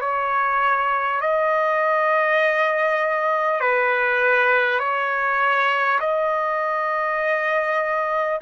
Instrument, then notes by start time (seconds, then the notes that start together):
trumpet
0.00 C#5
1.21 D#5
3.60 B4
4.79 C#5
5.99 D#5